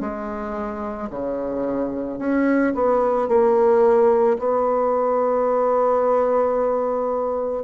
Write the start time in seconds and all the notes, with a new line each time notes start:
0.00 G#3
1.10 C#3
2.19 C#4
2.75 B3
3.28 A#3
4.39 B3